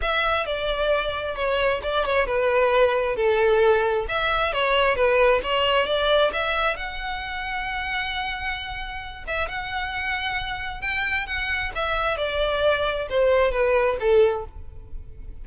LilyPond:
\new Staff \with { instrumentName = "violin" } { \time 4/4 \tempo 4 = 133 e''4 d''2 cis''4 | d''8 cis''8 b'2 a'4~ | a'4 e''4 cis''4 b'4 | cis''4 d''4 e''4 fis''4~ |
fis''1~ | fis''8 e''8 fis''2. | g''4 fis''4 e''4 d''4~ | d''4 c''4 b'4 a'4 | }